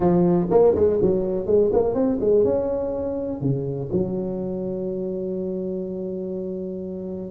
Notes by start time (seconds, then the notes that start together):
0.00 F3
0.50 A#3
0.75 G#3
1.01 F#3
1.46 G#3
1.73 A#3
1.94 C4
2.20 G#3
2.44 C#4
3.40 C#3
3.92 F#3